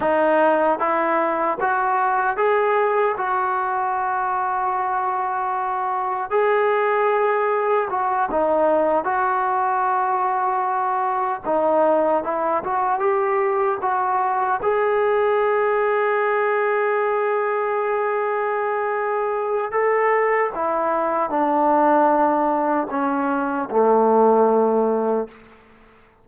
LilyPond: \new Staff \with { instrumentName = "trombone" } { \time 4/4 \tempo 4 = 76 dis'4 e'4 fis'4 gis'4 | fis'1 | gis'2 fis'8 dis'4 fis'8~ | fis'2~ fis'8 dis'4 e'8 |
fis'8 g'4 fis'4 gis'4.~ | gis'1~ | gis'4 a'4 e'4 d'4~ | d'4 cis'4 a2 | }